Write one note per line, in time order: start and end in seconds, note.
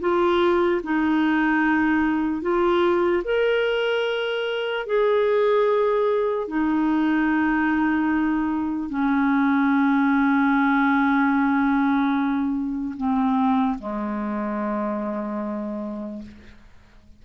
0.00 0.81 F4
0.83 2.41 D#4
2.41 3.22 F4
3.24 4.86 A#4
4.86 6.47 G#4
6.47 8.89 D#4
8.89 12.94 C#4
12.97 13.78 C4
13.79 16.22 G#3